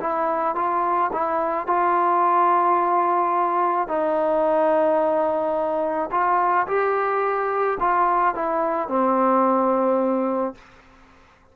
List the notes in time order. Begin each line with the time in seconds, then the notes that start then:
0.00 E4
0.55 F4
1.13 E4
1.67 F4
3.88 D#4
6.12 F4
6.67 G4
7.80 F4
8.35 E4
8.88 C4